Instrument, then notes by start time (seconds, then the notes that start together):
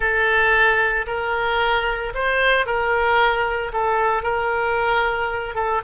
oboe
0.00 A4
1.06 A#4
2.14 C5
2.65 A#4
3.72 A4
4.22 A#4
5.54 A4